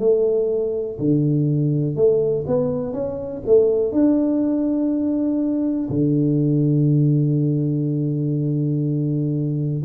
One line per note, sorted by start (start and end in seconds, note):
0.00 0.98 A3
1.00 1.96 D3
1.96 2.45 A3
2.48 2.93 B3
2.93 3.42 C#4
3.46 3.93 A3
3.93 5.90 D4
5.90 9.83 D3